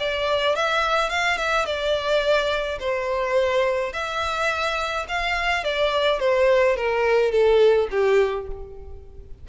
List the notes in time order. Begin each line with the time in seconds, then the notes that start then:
0.00 D5
0.56 E5
1.10 F5
1.38 E5
1.66 D5
2.80 C5
3.93 E5
5.09 F5
5.64 D5
6.20 C5
6.77 A#4
7.32 A4
7.91 G4